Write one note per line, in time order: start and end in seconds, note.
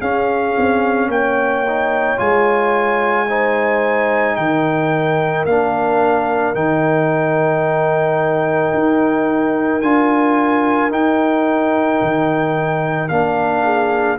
0.00 0.56 C#4
0.00 1.66 C#4
0.00 1.09 G#4
0.00 1.10 F5
0.58 1.08 C4
1.08 2.17 A#3
1.08 3.28 C#5
1.08 2.19 G5
1.67 2.17 D#4
2.17 4.37 G#3
2.17 3.26 F4
2.17 4.36 G#5
3.28 5.47 D#4
3.28 4.37 C5
4.36 5.45 D#3
4.36 13.64 A#4
4.36 5.45 G5
5.45 6.55 A#3
5.45 6.55 D4
5.45 6.55 F5
6.55 8.73 D#3
6.55 9.82 D#4
6.55 9.82 G5
8.73 9.82 D#4
9.82 10.91 D4
9.82 10.90 F4
9.82 10.91 G#5
10.90 13.09 D#4
10.90 12.00 D#4
10.90 13.09 G5
12.02 13.10 D#3
13.09 14.19 A#3
13.09 14.18 D4
13.09 14.18 F5
13.64 14.18 G#4